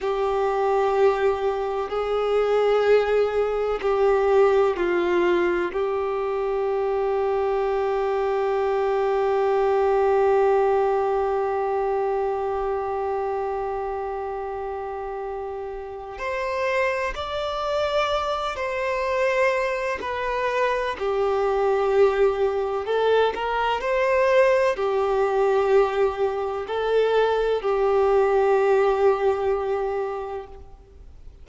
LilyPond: \new Staff \with { instrumentName = "violin" } { \time 4/4 \tempo 4 = 63 g'2 gis'2 | g'4 f'4 g'2~ | g'1~ | g'1~ |
g'4 c''4 d''4. c''8~ | c''4 b'4 g'2 | a'8 ais'8 c''4 g'2 | a'4 g'2. | }